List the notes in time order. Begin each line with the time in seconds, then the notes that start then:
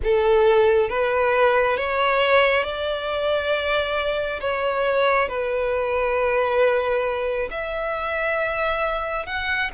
0.03 A4
0.89 B4
1.76 C#5
2.63 D5
4.40 C#5
5.28 B4
7.50 E5
9.26 F#5